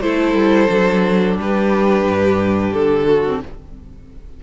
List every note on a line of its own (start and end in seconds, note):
0.00 0.34 A3
0.00 0.69 E4
0.00 1.38 A4
0.00 1.36 C5
0.34 0.68 G3
0.69 1.37 F#3
0.69 3.24 D4
1.37 2.03 G3
1.37 3.06 G4
1.37 2.72 B4
2.03 2.71 G2
2.72 3.42 D3
2.72 3.40 A4
3.06 3.40 F#4
3.26 3.43 C4